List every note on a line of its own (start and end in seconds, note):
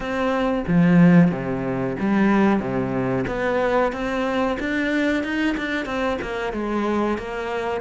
0.00 0.64 C4
0.67 1.31 F3
1.31 1.96 C3
1.99 2.60 G3
2.60 3.25 C3
3.27 3.92 B3
3.92 4.57 C4
4.59 5.23 D4
5.23 5.56 D#4
5.57 5.85 D4
5.85 6.18 C4
6.21 6.52 A#3
6.52 7.17 G#3
7.18 7.81 A#3